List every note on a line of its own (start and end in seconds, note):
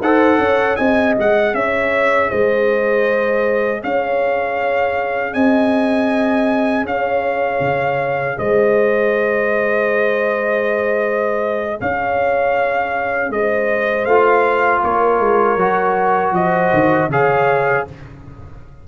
0.00 0.38 D#4
0.00 0.79 A4
0.00 0.40 C5
0.00 0.76 F#5
0.38 0.76 C#4
0.38 0.78 C#5
0.76 1.17 C4
0.76 14.08 G#4
0.76 1.54 D#5
0.76 1.14 G#5
1.18 1.54 G#3
1.18 1.54 F#5
1.54 2.30 C#4
1.54 2.29 C#5
1.54 2.30 E5
2.29 3.84 G#3
2.29 3.81 C5
2.29 3.82 D#5
3.82 5.34 C#4
3.82 5.33 C#5
3.82 5.33 F5
5.33 6.85 C4
5.33 6.85 D#5
5.33 6.85 G#5
6.85 7.60 C#4
6.85 8.37 C#5
6.85 8.38 F5
7.60 8.36 C#3
8.38 11.81 G#3
8.38 11.80 C5
8.38 11.80 D#5
11.81 13.29 C#4
11.81 13.33 C#5
11.81 13.32 F5
13.29 14.05 G#3
13.29 14.84 C5
13.29 14.05 D#5
14.05 14.81 A3
14.05 15.59 F4
14.05 14.81 F5
14.84 15.19 A#3
14.84 16.35 A#4
14.84 16.34 C#5
15.19 15.56 G#3
15.56 16.32 F#3
15.56 17.10 F#4
16.32 16.70 F3
16.32 17.11 C5
16.32 17.10 D#5
16.73 17.08 D#3
17.08 17.84 C#3
17.08 17.87 G#4
17.08 17.87 C#5
17.08 17.87 F5